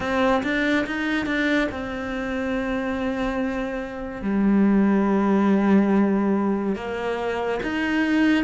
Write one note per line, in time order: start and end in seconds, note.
0.00 0.42 C4
0.43 0.85 D4
0.86 1.26 D#4
1.26 1.68 D4
1.71 4.22 C4
4.22 6.75 G3
6.75 7.60 A#3
7.62 8.44 D#4